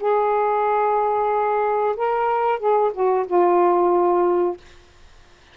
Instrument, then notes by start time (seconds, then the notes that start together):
saxophone
0.00 G#4
1.97 A#4
2.59 G#4
2.93 F#4
3.27 F4